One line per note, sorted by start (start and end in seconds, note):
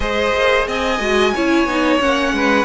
0.00 0.33 G#3
0.00 0.98 G#4
0.00 0.67 C5
0.00 0.67 D#5
0.34 0.67 A#3
0.67 0.99 C4
0.67 1.34 D#5
0.67 2.00 G#5
0.99 1.32 G#3
0.99 1.33 F#4
1.34 1.65 C#4
1.34 1.68 E4
1.34 2.34 C#5
1.65 1.98 B3
1.65 1.99 D#4
1.99 2.32 A#3
1.99 2.64 C#4
1.99 2.64 F#5
2.32 2.64 G#3
2.32 2.64 B4